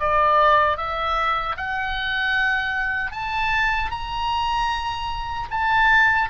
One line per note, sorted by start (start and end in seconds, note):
0.00 0.78 D5
0.78 1.56 E5
1.57 3.12 F#5
3.12 3.91 A5
3.91 5.49 A#5
5.51 6.30 A5